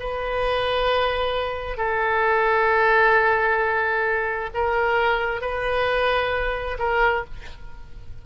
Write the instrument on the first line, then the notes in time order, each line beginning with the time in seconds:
oboe
0.00 B4
1.78 A4
4.54 A#4
5.41 B4
6.79 A#4